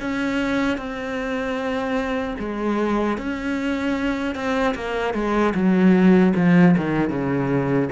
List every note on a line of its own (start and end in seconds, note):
0.00 0.77 C#4
0.77 2.35 C4
2.39 3.17 G#3
3.17 4.35 C#4
4.35 4.74 C4
4.75 5.14 A#3
5.14 5.53 G#3
5.54 6.33 F#3
6.36 6.75 F3
6.77 7.09 D#3
7.09 7.88 C#3